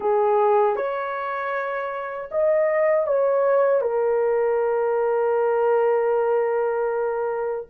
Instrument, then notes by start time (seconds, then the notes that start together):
horn
0.00 G#4
0.76 C#5
2.31 D#5
3.07 C#5
3.81 A#4